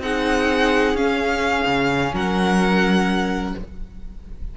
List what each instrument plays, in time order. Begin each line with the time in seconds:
0.00 cello C4, viola D#4, violin G#4 F#5
0.95 cello C#4, viola C#4, violin F5
1.66 cello C#3
2.13 cello F#3, violin A#4 F#5